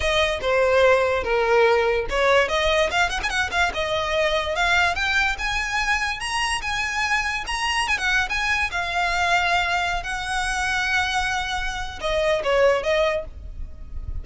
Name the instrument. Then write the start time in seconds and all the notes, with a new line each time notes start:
violin
0.00 D#5
0.41 C5
1.23 A#4
2.09 C#5
2.48 D#5
2.91 F5
3.09 F#5
3.23 G#5
3.29 F#5
3.51 F5
3.74 D#5
4.55 F5
4.95 G5
5.38 G#5
6.20 A#5
6.61 G#5
7.46 A#5
7.87 G#5
7.97 F#5
8.29 G#5
8.71 F5
10.03 F#5
12.00 D#5
12.43 C#5
12.83 D#5